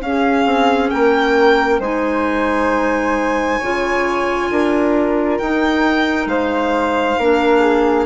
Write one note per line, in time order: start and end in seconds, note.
0.00 0.45 C#4
0.00 0.93 G#4
0.00 0.90 F5
0.06 1.82 C#4
0.45 0.90 C4
0.90 1.80 A#3
0.90 1.80 A#4
0.90 1.80 G5
1.80 3.59 G#3
1.80 3.61 D#4
1.80 3.59 C5
1.80 5.38 G#5
3.59 4.50 C#3
3.59 5.41 F4
3.59 4.49 C#5
4.50 5.40 D4
4.50 6.30 A#4
5.38 6.26 D#4
5.38 7.20 D#4
5.38 6.27 G5
6.26 7.16 G#3
6.26 7.19 C5
6.26 8.06 F5
7.18 8.06 A#3
7.18 8.06 D4
7.18 7.60 A#4
7.60 8.05 G#4